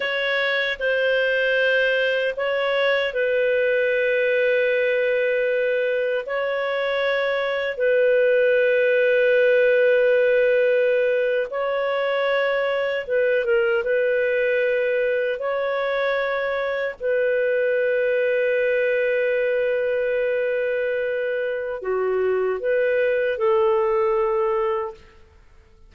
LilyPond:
\new Staff \with { instrumentName = "clarinet" } { \time 4/4 \tempo 4 = 77 cis''4 c''2 cis''4 | b'1 | cis''2 b'2~ | b'2~ b'8. cis''4~ cis''16~ |
cis''8. b'8 ais'8 b'2 cis''16~ | cis''4.~ cis''16 b'2~ b'16~ | b'1 | fis'4 b'4 a'2 | }